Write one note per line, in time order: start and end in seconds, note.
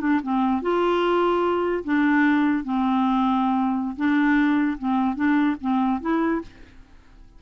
0.00 0.20 D4
0.22 0.62 C4
0.62 1.83 F4
1.84 2.64 D4
2.64 3.95 C4
3.96 4.77 D4
4.78 5.15 C4
5.15 5.56 D4
5.61 6.01 C4
6.01 6.41 E4